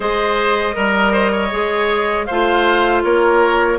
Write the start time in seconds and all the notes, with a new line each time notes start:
0.00 G#3 G#4 C5 D#5
0.73 G3 A#4
1.12 C5
1.31 C#5
1.51 G#3 G#4
2.25 A3 F4 C5 F5
3.03 A#3 A#4 C#5